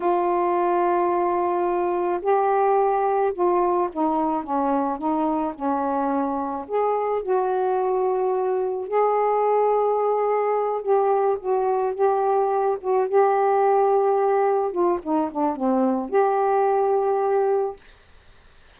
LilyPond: \new Staff \with { instrumentName = "saxophone" } { \time 4/4 \tempo 4 = 108 f'1 | g'2 f'4 dis'4 | cis'4 dis'4 cis'2 | gis'4 fis'2. |
gis'2.~ gis'8 g'8~ | g'8 fis'4 g'4. fis'8 g'8~ | g'2~ g'8 f'8 dis'8 d'8 | c'4 g'2. | }